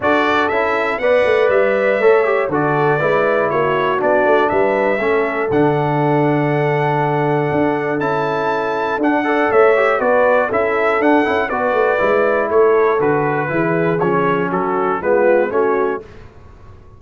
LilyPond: <<
  \new Staff \with { instrumentName = "trumpet" } { \time 4/4 \tempo 4 = 120 d''4 e''4 fis''4 e''4~ | e''4 d''2 cis''4 | d''4 e''2 fis''4~ | fis''1 |
a''2 fis''4 e''4 | d''4 e''4 fis''4 d''4~ | d''4 cis''4 b'2 | cis''4 a'4 b'4 cis''4 | }
  \new Staff \with { instrumentName = "horn" } { \time 4/4 a'2 d''2 | cis''4 a'4 b'4 fis'4~ | fis'4 b'4 a'2~ | a'1~ |
a'2~ a'8 d''8 cis''4 | b'4 a'2 b'4~ | b'4 a'2 gis'4~ | gis'4 fis'4 f'4 fis'4 | }
  \new Staff \with { instrumentName = "trombone" } { \time 4/4 fis'4 e'4 b'2 | a'8 g'8 fis'4 e'2 | d'2 cis'4 d'4~ | d'1 |
e'2 d'8 a'4 g'8 | fis'4 e'4 d'8 e'8 fis'4 | e'2 fis'4 e'4 | cis'2 b4 cis'4 | }
  \new Staff \with { instrumentName = "tuba" } { \time 4/4 d'4 cis'4 b8 a8 g4 | a4 d4 gis4 ais4 | b8 a8 g4 a4 d4~ | d2. d'4 |
cis'2 d'4 a4 | b4 cis'4 d'8 cis'8 b8 a8 | gis4 a4 d4 e4 | f4 fis4 gis4 a4 | }
>>